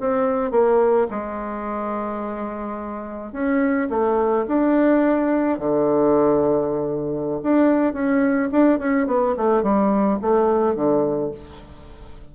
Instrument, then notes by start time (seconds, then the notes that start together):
bassoon
0.00 C4
0.51 A#3
1.10 G#3
3.33 C#4
3.90 A3
4.48 D4
5.59 D3
7.43 D4
7.93 C#4
8.52 D4
8.79 C#4
9.07 B3
9.37 A3
9.63 G3
10.22 A3
10.75 D3